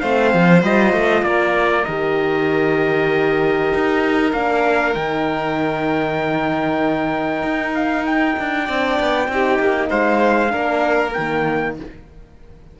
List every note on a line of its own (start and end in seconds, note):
0.00 0.34 A3
0.00 0.61 C4
0.00 1.25 C5
0.00 0.62 F5
0.34 0.63 F3
0.61 0.93 G3
0.61 1.84 F4
0.61 1.24 D#5
0.93 1.22 A3
1.22 1.84 A#3
1.22 8.65 A#4
1.22 1.85 D5
1.85 3.74 D#3
1.85 4.33 G4
1.85 4.32 D#5
3.74 4.33 D#4
4.33 4.95 A#3
4.33 4.94 D4
4.33 4.94 F5
4.94 7.43 D#3
4.94 8.65 D#4
4.94 7.73 G5
7.43 8.35 D#4
7.74 8.05 F5
8.06 9.90 G5
8.39 8.69 D4
8.65 9.00 C4
8.65 9.30 D4
8.65 9.27 D5
9.00 9.28 B3
9.28 9.59 C4
9.28 10.49 D#4
9.28 9.89 G4
9.59 9.90 A#3
9.89 10.53 G#3
9.89 10.51 C5
9.89 11.13 F5
10.49 11.15 A#3
10.49 11.11 D4
10.49 11.75 A#4
11.13 11.80 D#3
11.13 11.78 A#3
11.13 11.75 G5